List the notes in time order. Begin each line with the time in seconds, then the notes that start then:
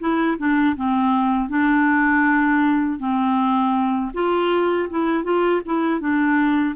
0.00 E4
0.39 D4
0.77 C4
1.49 D4
2.99 C4
4.14 F4
4.90 E4
5.24 F4
5.66 E4
6.00 D4